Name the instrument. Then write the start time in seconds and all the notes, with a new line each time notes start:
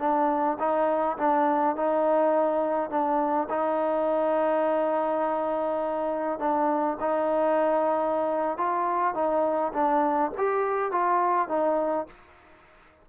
trombone
0.00 D4
0.60 D#4
1.18 D4
1.76 D#4
2.90 D4
3.50 D#4
6.40 D4
7.01 D#4
8.58 F4
9.15 D#4
9.74 D4
10.38 G4
10.92 F4
11.49 D#4